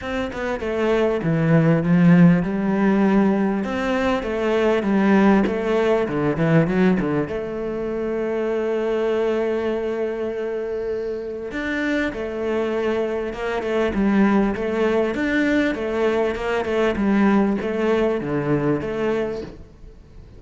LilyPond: \new Staff \with { instrumentName = "cello" } { \time 4/4 \tempo 4 = 99 c'8 b8 a4 e4 f4 | g2 c'4 a4 | g4 a4 d8 e8 fis8 d8 | a1~ |
a2. d'4 | a2 ais8 a8 g4 | a4 d'4 a4 ais8 a8 | g4 a4 d4 a4 | }